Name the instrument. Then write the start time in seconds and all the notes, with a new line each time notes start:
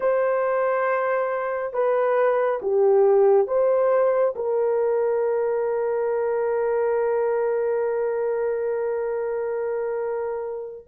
horn
0.00 C5
1.73 B4
2.62 G4
3.47 C5
4.35 A#4